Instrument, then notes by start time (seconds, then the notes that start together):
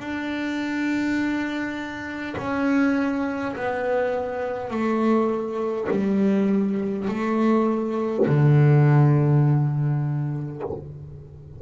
double bass
0.00 D4
2.38 C#4
3.56 B3
4.71 A3
5.91 G3
7.09 A3
8.27 D3